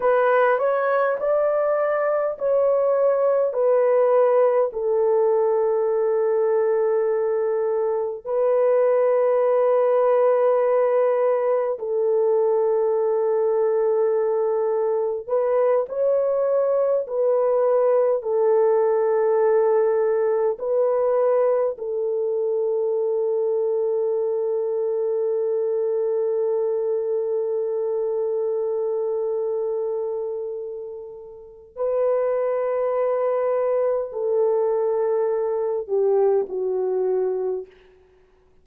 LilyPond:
\new Staff \with { instrumentName = "horn" } { \time 4/4 \tempo 4 = 51 b'8 cis''8 d''4 cis''4 b'4 | a'2. b'4~ | b'2 a'2~ | a'4 b'8 cis''4 b'4 a'8~ |
a'4. b'4 a'4.~ | a'1~ | a'2. b'4~ | b'4 a'4. g'8 fis'4 | }